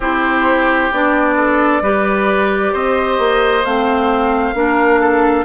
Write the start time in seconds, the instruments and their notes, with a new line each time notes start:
0.00 bassoon C4, clarinet E4, oboe G4, flute C5
0.91 bassoon B3, clarinet D4, flute D5
1.36 oboe A4
1.81 bassoon G3, clarinet G4, oboe B4
2.73 bassoon C4, oboe C5, flute D#5
3.18 bassoon A#3
3.64 bassoon A3, clarinet C4, flute F5
4.54 bassoon A#3, clarinet D4, oboe A#4
5.00 oboe A4